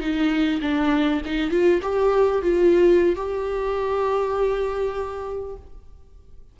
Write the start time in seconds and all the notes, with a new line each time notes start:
0.00 D#4
0.61 D4
1.25 D#4
1.51 F4
1.82 G4
2.42 F4
3.16 G4